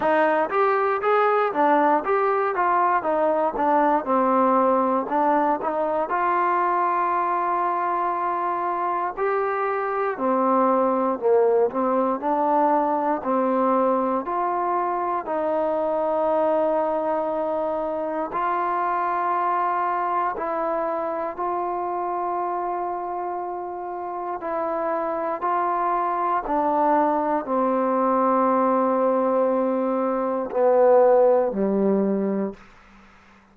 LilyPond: \new Staff \with { instrumentName = "trombone" } { \time 4/4 \tempo 4 = 59 dis'8 g'8 gis'8 d'8 g'8 f'8 dis'8 d'8 | c'4 d'8 dis'8 f'2~ | f'4 g'4 c'4 ais8 c'8 | d'4 c'4 f'4 dis'4~ |
dis'2 f'2 | e'4 f'2. | e'4 f'4 d'4 c'4~ | c'2 b4 g4 | }